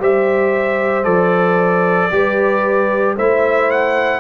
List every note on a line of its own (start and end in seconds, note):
0.00 1.06 G3
0.00 1.04 G4
0.00 2.11 C5
0.00 1.05 E5
1.04 2.11 F3
1.04 2.09 A4
1.04 3.15 D5
2.12 3.18 G3
2.12 3.17 G4
2.12 3.17 B4
3.17 4.21 A3
3.17 4.21 E4
3.17 4.21 C5
3.17 3.71 E5
3.71 4.21 F#5